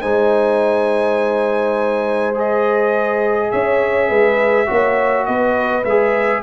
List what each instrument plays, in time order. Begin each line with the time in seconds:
0.00 tuba G#3, trombone D#4, horn C5, trumpet G#5
2.34 trombone G#4, trumpet D#5
3.51 tuba C#4, horn C#5, trumpet E5
4.08 tuba G#3, horn B4
4.66 tuba A#3, trombone F#4, horn C#5
5.25 tuba B3, horn B4, trumpet D#5
5.84 tuba G#3, trombone G#4, trumpet E5